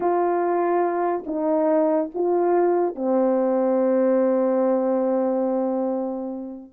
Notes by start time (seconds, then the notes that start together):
0.00 F4
1.26 D#4
2.14 F4
2.95 C4